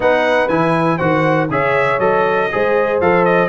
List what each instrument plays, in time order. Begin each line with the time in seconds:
0.00 tuba B3, trombone D#4, horn B4, trumpet F#5
0.48 tuba E3, trombone E4, trumpet G#5
0.97 tuba D#3, trombone F#4, horn C5, trumpet F#5
1.50 tuba C#3, trombone G#4, horn C#5, trumpet E5
1.98 tuba F#3, trombone A4, trumpet D#5
2.51 tuba G#3, trombone G#4, horn C5
3.00 tuba F3, trombone A4, trumpet F5
3.24 trumpet D#5